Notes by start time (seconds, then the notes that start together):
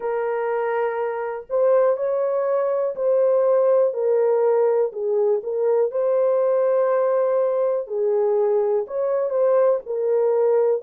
0.00 A#4
1.49 C5
1.96 C#5
2.95 C5
3.93 A#4
4.92 G#4
5.43 A#4
5.91 C5
7.87 G#4
8.87 C#5
9.30 C5
9.86 A#4